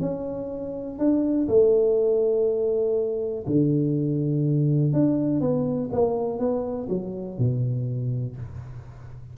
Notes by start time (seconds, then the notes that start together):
0.00 C#4
0.98 D4
1.48 A3
3.46 D3
4.92 D4
5.40 B3
5.92 A#3
6.38 B3
6.89 F#3
7.38 B2